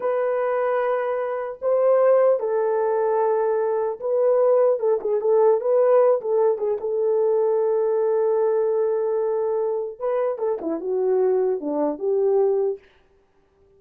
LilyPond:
\new Staff \with { instrumentName = "horn" } { \time 4/4 \tempo 4 = 150 b'1 | c''2 a'2~ | a'2 b'2 | a'8 gis'8 a'4 b'4. a'8~ |
a'8 gis'8 a'2.~ | a'1~ | a'4 b'4 a'8 e'8 fis'4~ | fis'4 d'4 g'2 | }